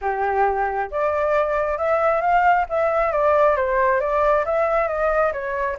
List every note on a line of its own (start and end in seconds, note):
0.01 0.90 G4
0.90 1.77 D5
1.77 2.21 E5
2.21 2.65 F5
2.69 3.12 E5
3.12 3.56 D5
3.56 4.00 C5
4.00 4.44 D5
4.45 4.87 E5
4.87 5.32 D#5
5.33 5.77 C#5